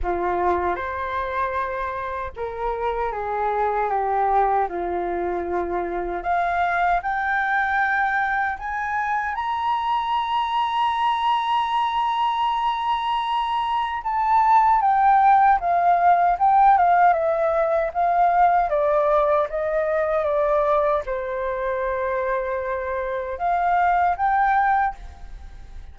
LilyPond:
\new Staff \with { instrumentName = "flute" } { \time 4/4 \tempo 4 = 77 f'4 c''2 ais'4 | gis'4 g'4 f'2 | f''4 g''2 gis''4 | ais''1~ |
ais''2 a''4 g''4 | f''4 g''8 f''8 e''4 f''4 | d''4 dis''4 d''4 c''4~ | c''2 f''4 g''4 | }